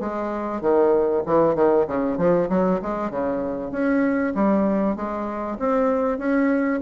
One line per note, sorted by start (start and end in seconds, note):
0.00 0.61 G#3
0.61 1.23 D#3
1.26 1.55 E3
1.55 1.86 D#3
1.87 2.18 C#3
2.18 2.49 F3
2.49 2.80 F#3
2.82 3.10 G#3
3.10 3.71 C#3
3.71 4.33 C#4
4.35 4.96 G3
4.96 5.58 G#3
5.59 6.18 C4
6.18 6.80 C#4